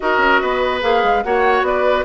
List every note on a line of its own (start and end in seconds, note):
0.00 0.17 D#4
0.00 0.81 F#4
0.00 0.41 A#4
0.00 0.81 D#5
0.17 0.38 C#4
0.41 0.82 B3
0.41 1.23 B4
0.81 1.03 A#3
0.81 1.22 G#4
0.81 1.23 F5
1.03 1.23 G#3
1.23 1.62 A#3
1.23 2.05 F#4
1.23 1.66 C#5
1.23 1.64 F#5
1.62 2.03 B3
1.62 2.05 B4
1.62 2.05 D5